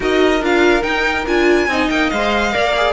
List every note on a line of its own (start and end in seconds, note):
0.00 0.40 D#4
0.00 0.42 F#4
0.00 1.69 A#4
0.00 0.44 D#5
0.40 0.82 D4
0.40 0.81 F4
0.40 0.82 F5
0.81 1.23 D#4
0.81 1.26 D#4
0.81 1.25 G5
1.26 1.67 D4
1.26 1.69 F4
1.26 1.89 G#5
1.67 1.88 C4
1.67 2.12 D#4
1.67 2.54 D#5
1.89 2.11 A#3
1.89 2.10 G5
2.10 2.54 G#3
2.10 2.52 C5
2.10 2.92 F5
2.52 2.92 A#3
2.52 2.73 A#4
2.52 2.92 D5
2.76 2.92 G#4